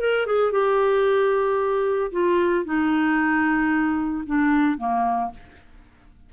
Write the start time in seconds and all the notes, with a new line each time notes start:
0.00 A#4
0.27 G#4
0.52 G4
2.12 F4
2.65 D#4
4.27 D4
4.78 A#3